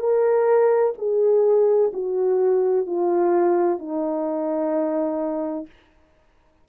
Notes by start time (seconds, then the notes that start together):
0.00 A#4
0.98 G#4
1.94 F#4
2.87 F4
3.79 D#4